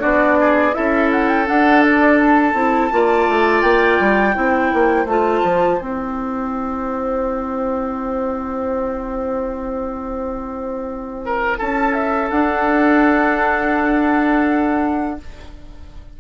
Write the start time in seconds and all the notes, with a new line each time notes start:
0.00 B3 D4 F#4 D5
0.41 G#4
0.73 C#4 E4 A4 E5
1.12 F#5
1.28 G5
1.46 D4 F#5
1.82 D5
2.19 A5
2.54 C4 E4
2.92 A#3 F4 D5
3.29 A3
3.62 A#3 G5
4.00 G3
4.34 C4 E4 C5
4.74 A#3
5.05 A3 F4 A5
5.44 F3
5.78 C4 E4 G5
11.26 A#4
11.58 C#4 A4 A5
11.94 E5
12.30 D4 F#5